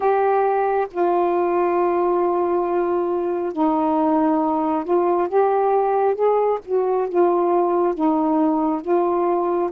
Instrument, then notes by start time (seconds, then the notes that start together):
saxophone
0.00 G4
0.91 F4
3.53 D#4
4.84 F4
5.28 G4
6.14 G#4
6.65 F#4
7.08 F4
7.94 D#4
8.81 F4